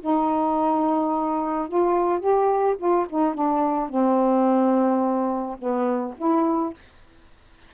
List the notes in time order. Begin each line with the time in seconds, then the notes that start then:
0.00 D#4
1.68 F4
2.19 G4
2.78 F4
3.09 D#4
3.34 D4
3.88 C4
5.58 B3
6.17 E4